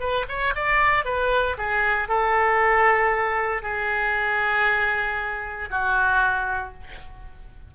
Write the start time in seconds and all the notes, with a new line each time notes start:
0.00 B4
0.28 C#5
0.56 D5
1.05 B4
1.58 G#4
2.09 A4
3.63 G#4
5.70 F#4